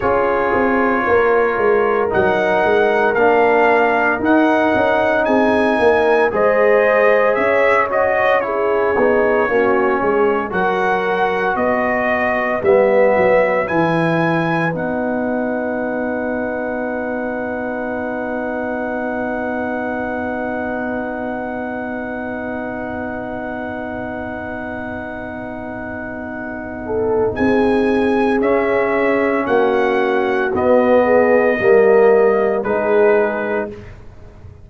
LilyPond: <<
  \new Staff \with { instrumentName = "trumpet" } { \time 4/4 \tempo 4 = 57 cis''2 fis''4 f''4 | fis''4 gis''4 dis''4 e''8 dis''8 | cis''2 fis''4 dis''4 | e''4 gis''4 fis''2~ |
fis''1~ | fis''1~ | fis''2 gis''4 e''4 | fis''4 dis''2 b'4 | }
  \new Staff \with { instrumentName = "horn" } { \time 4/4 gis'4 ais'2.~ | ais'4 gis'8 ais'8 c''4 cis''4 | gis'4 fis'8 gis'8 ais'4 b'4~ | b'1~ |
b'1~ | b'1~ | b'4. a'8 gis'2 | fis'4. gis'8 ais'4 gis'4 | }
  \new Staff \with { instrumentName = "trombone" } { \time 4/4 f'2 dis'4 d'4 | dis'2 gis'4. fis'8 | e'8 dis'8 cis'4 fis'2 | b4 e'4 dis'2~ |
dis'1~ | dis'1~ | dis'2. cis'4~ | cis'4 b4 ais4 dis'4 | }
  \new Staff \with { instrumentName = "tuba" } { \time 4/4 cis'8 c'8 ais8 gis8 fis8 gis8 ais4 | dis'8 cis'8 c'8 ais8 gis4 cis'4~ | cis'8 b8 ais8 gis8 fis4 b4 | g8 fis8 e4 b2~ |
b1~ | b1~ | b2 c'4 cis'4 | ais4 b4 g4 gis4 | }
>>